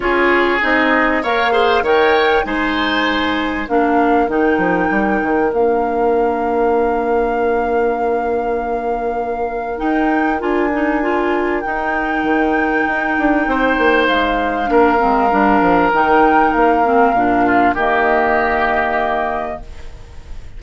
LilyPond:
<<
  \new Staff \with { instrumentName = "flute" } { \time 4/4 \tempo 4 = 98 cis''4 dis''4 f''4 g''4 | gis''2 f''4 g''4~ | g''4 f''2.~ | f''1 |
g''4 gis''2 g''4~ | g''2. f''4~ | f''2 g''4 f''4~ | f''4 dis''2. | }
  \new Staff \with { instrumentName = "oboe" } { \time 4/4 gis'2 cis''8 c''8 cis''4 | c''2 ais'2~ | ais'1~ | ais'1~ |
ais'1~ | ais'2 c''2 | ais'1~ | ais'8 f'8 g'2. | }
  \new Staff \with { instrumentName = "clarinet" } { \time 4/4 f'4 dis'4 ais'8 gis'8 ais'4 | dis'2 d'4 dis'4~ | dis'4 d'2.~ | d'1 |
dis'4 f'8 dis'8 f'4 dis'4~ | dis'1 | d'8 c'8 d'4 dis'4. c'8 | d'4 ais2. | }
  \new Staff \with { instrumentName = "bassoon" } { \time 4/4 cis'4 c'4 ais4 dis4 | gis2 ais4 dis8 f8 | g8 dis8 ais2.~ | ais1 |
dis'4 d'2 dis'4 | dis4 dis'8 d'8 c'8 ais8 gis4 | ais8 gis8 g8 f8 dis4 ais4 | ais,4 dis2. | }
>>